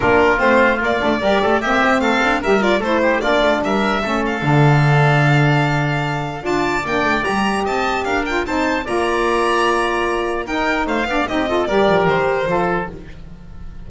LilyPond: <<
  \new Staff \with { instrumentName = "violin" } { \time 4/4 \tempo 4 = 149 ais'4 c''4 d''2 | e''4 f''4 e''8 d''8 c''4 | d''4 e''4. f''4.~ | f''1 |
a''4 g''4 ais''4 a''4 | f''8 g''8 a''4 ais''2~ | ais''2 g''4 f''4 | dis''4 d''4 c''2 | }
  \new Staff \with { instrumentName = "oboe" } { \time 4/4 f'2. ais'8 a'8 | g'4 a'4 ais'4 a'8 g'8 | f'4 ais'4 a'2~ | a'1 |
d''2. dis''4 | ais'4 c''4 d''2~ | d''2 ais'4 c''8 d''8 | g'8 a'8 ais'2 a'4 | }
  \new Staff \with { instrumentName = "saxophone" } { \time 4/4 d'4 c'4 ais8 d'8 g'4 | c'2 g'8 f'8 e'4 | d'2 cis'4 d'4~ | d'1 |
f'4 d'4 g'2~ | g'8 f'8 dis'4 f'2~ | f'2 dis'4. d'8 | dis'8 f'8 g'2 f'4 | }
  \new Staff \with { instrumentName = "double bass" } { \time 4/4 ais4 a4 ais8 a8 g8 a8 | ais8 c'8 a8 d'8 g4 a4 | ais8 a8 g4 a4 d4~ | d1 |
d'4 ais8 a8 g4 c'4 | d'4 c'4 ais2~ | ais2 dis'4 a8 b8 | c'4 g8 f8 dis4 f4 | }
>>